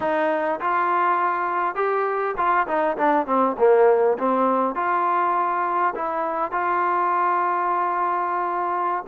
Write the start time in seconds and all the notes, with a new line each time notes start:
0.00 D#4
0.60 F4
1.75 G4
2.37 F4
2.67 D#4
2.97 D4
3.26 C4
3.58 A#3
4.18 C4
4.75 F4
5.95 E4
6.51 F4